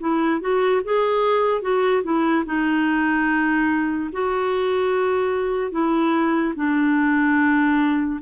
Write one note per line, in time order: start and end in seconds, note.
0.00 0.41 E4
0.41 0.82 F#4
0.84 1.62 G#4
1.62 2.03 F#4
2.03 2.44 E4
2.46 4.10 D#4
4.12 5.72 F#4
5.72 6.54 E4
6.56 8.20 D4